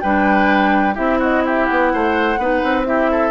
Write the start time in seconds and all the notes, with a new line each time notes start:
0.00 G3 D4 B4 G5
0.94 C4 E4 G4 E5
1.19 F#4 D#5
1.45 G4 E5
1.65 B3 F#5
1.93 A3 C5
2.37 B3 D#4 B4
2.63 C4
2.84 E4 G4 E5
3.10 A4